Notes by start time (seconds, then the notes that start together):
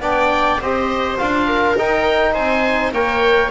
0.00 B3 D4 D5 G5
0.60 C4 G4 C5 D#5
1.17 D4 F4 F5
1.47 A#4
1.77 D#4 G5
2.33 C4 C5 G#5
2.92 A#3 A#4 C#5 G5